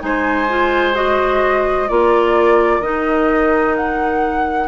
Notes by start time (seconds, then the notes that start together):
0.00 G#3 D#4 C5 G#5
0.49 F4
0.94 F#4 D#5
1.88 A#3 F4 A#4 D5
2.80 D#3 D#4 D#5
3.76 F#5